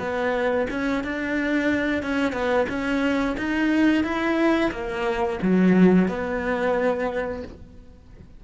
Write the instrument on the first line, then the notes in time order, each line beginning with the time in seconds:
cello
0.00 B3
0.71 C#4
1.04 D4
2.03 C#4
2.33 B3
2.69 C#4
3.38 D#4
4.04 E4
4.72 A#3
5.43 F#3
6.09 B3